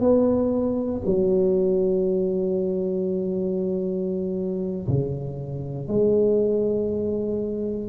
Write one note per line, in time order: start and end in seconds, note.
0.00 1.02 B3
1.06 4.87 F#3
4.88 5.88 C#3
5.88 7.89 G#3